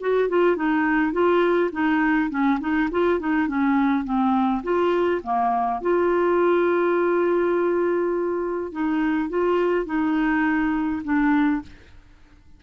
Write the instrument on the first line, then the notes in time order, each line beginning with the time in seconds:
clarinet
0.00 F#4
0.29 F4
0.56 D#4
1.12 F4
1.72 D#4
2.30 C#4
2.59 D#4
2.91 F4
3.19 D#4
3.47 C#4
4.04 C4
4.63 F4
5.23 A#3
5.81 F4
8.72 D#4
9.29 F4
9.86 D#4
11.04 D4